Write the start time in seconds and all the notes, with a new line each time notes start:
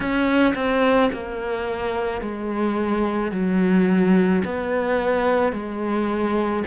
0.00 C#4
0.55 C4
1.13 A#3
2.21 G#3
3.31 F#3
4.44 B3
5.52 G#3